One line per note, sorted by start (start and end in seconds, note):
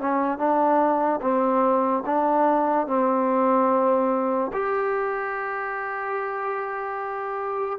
0.00 0.38 C#4
0.38 1.20 D4
1.21 2.04 C4
2.06 2.87 D4
2.87 4.51 C4
4.53 7.79 G4